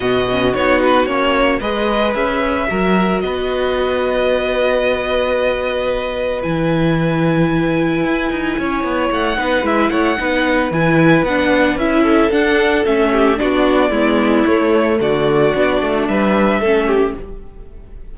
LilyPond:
<<
  \new Staff \with { instrumentName = "violin" } { \time 4/4 \tempo 4 = 112 dis''4 cis''8 b'8 cis''4 dis''4 | e''2 dis''2~ | dis''1 | gis''1~ |
gis''4 fis''4 e''8 fis''4. | gis''4 fis''4 e''4 fis''4 | e''4 d''2 cis''4 | d''2 e''2 | }
  \new Staff \with { instrumentName = "violin" } { \time 4/4 fis'2. b'4~ | b'4 ais'4 b'2~ | b'1~ | b'1 |
cis''4. b'4 cis''8 b'4~ | b'2~ b'8 a'4.~ | a'8 g'8 fis'4 e'2 | fis'2 b'4 a'8 g'8 | }
  \new Staff \with { instrumentName = "viola" } { \time 4/4 b8 cis'8 dis'4 cis'4 gis'4~ | gis'4 fis'2.~ | fis'1 | e'1~ |
e'4. dis'8 e'4 dis'4 | e'4 d'4 e'4 d'4 | cis'4 d'4 b4 a4~ | a4 d'2 cis'4 | }
  \new Staff \with { instrumentName = "cello" } { \time 4/4 b,4 b4 ais4 gis4 | cis'4 fis4 b2~ | b1 | e2. e'8 dis'8 |
cis'8 b8 a8 b8 gis8 a8 b4 | e4 b4 cis'4 d'4 | a4 b4 gis4 a4 | d4 b8 a8 g4 a4 | }
>>